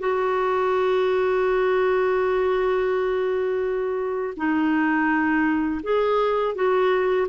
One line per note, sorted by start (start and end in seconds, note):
0.00 4.34 F#4
4.37 5.81 D#4
5.83 6.55 G#4
6.55 7.27 F#4